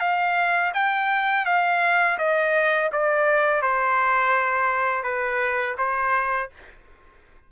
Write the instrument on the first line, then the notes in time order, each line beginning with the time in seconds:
trumpet
0.00 F5
0.74 G5
1.46 F5
2.19 D#5
2.92 D5
3.62 C5
5.04 B4
5.78 C5